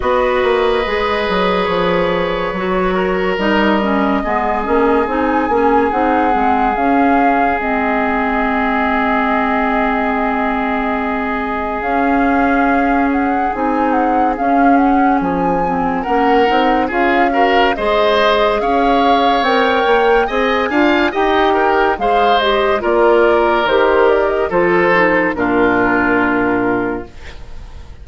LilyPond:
<<
  \new Staff \with { instrumentName = "flute" } { \time 4/4 \tempo 4 = 71 dis''2 cis''2 | dis''2 gis''4 fis''4 | f''4 dis''2.~ | dis''2 f''4. fis''8 |
gis''8 fis''8 f''8 fis''8 gis''4 fis''4 | f''4 dis''4 f''4 g''4 | gis''4 g''4 f''8 dis''8 d''4 | c''8 d''16 dis''16 c''4 ais'2 | }
  \new Staff \with { instrumentName = "oboe" } { \time 4/4 b'2.~ b'8 ais'8~ | ais'4 gis'2.~ | gis'1~ | gis'1~ |
gis'2. ais'4 | gis'8 ais'8 c''4 cis''2 | dis''8 f''8 dis''8 ais'8 c''4 ais'4~ | ais'4 a'4 f'2 | }
  \new Staff \with { instrumentName = "clarinet" } { \time 4/4 fis'4 gis'2 fis'4 | dis'8 cis'8 b8 cis'8 dis'8 cis'8 dis'8 c'8 | cis'4 c'2.~ | c'2 cis'2 |
dis'4 cis'4. c'8 cis'8 dis'8 | f'8 fis'8 gis'2 ais'4 | gis'8 f'8 g'4 gis'8 g'8 f'4 | g'4 f'8 dis'8 d'2 | }
  \new Staff \with { instrumentName = "bassoon" } { \time 4/4 b8 ais8 gis8 fis8 f4 fis4 | g4 gis8 ais8 c'8 ais8 c'8 gis8 | cis'4 gis2.~ | gis2 cis'2 |
c'4 cis'4 f4 ais8 c'8 | cis'4 gis4 cis'4 c'8 ais8 | c'8 d'8 dis'4 gis4 ais4 | dis4 f4 ais,2 | }
>>